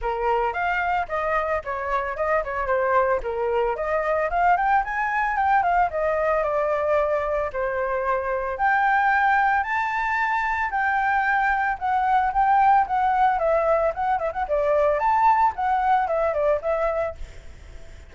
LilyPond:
\new Staff \with { instrumentName = "flute" } { \time 4/4 \tempo 4 = 112 ais'4 f''4 dis''4 cis''4 | dis''8 cis''8 c''4 ais'4 dis''4 | f''8 g''8 gis''4 g''8 f''8 dis''4 | d''2 c''2 |
g''2 a''2 | g''2 fis''4 g''4 | fis''4 e''4 fis''8 e''16 fis''16 d''4 | a''4 fis''4 e''8 d''8 e''4 | }